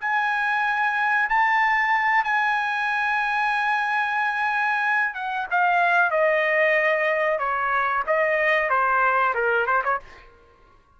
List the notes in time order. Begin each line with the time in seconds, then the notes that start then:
0.00 G#5
1.29 A5
2.24 G#5
5.14 F#5
5.50 F5
6.10 D#5
7.38 C#5
8.06 D#5
8.69 C5
9.34 A#4
9.66 C5
9.84 C#5